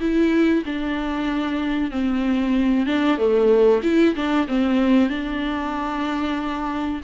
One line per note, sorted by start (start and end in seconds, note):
0.00 0.64 E4
0.65 1.91 D4
1.91 2.86 C4
2.86 3.17 D4
3.17 3.81 A3
3.83 4.15 E4
4.15 4.47 D4
4.48 5.09 C4
5.09 7.01 D4